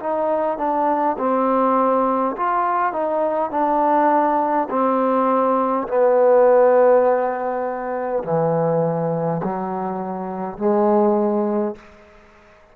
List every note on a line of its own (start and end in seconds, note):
0.00 0.58 D#4
0.58 1.17 D4
1.19 2.36 C4
2.37 2.93 F4
2.93 3.51 D#4
3.51 4.68 D4
4.70 5.88 C4
5.88 8.24 B3
8.24 9.42 E3
9.44 10.58 F#3
10.58 11.76 G#3